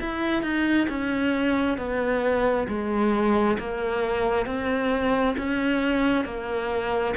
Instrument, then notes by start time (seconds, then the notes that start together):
cello
0.00 E4
0.42 D#4
0.89 C#4
1.77 B3
2.68 G#3
3.59 A#3
4.46 C4
5.38 C#4
6.25 A#3